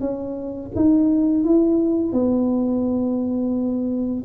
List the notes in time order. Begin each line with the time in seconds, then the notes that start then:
0.00 C#4
0.75 D#4
1.44 E4
2.12 B3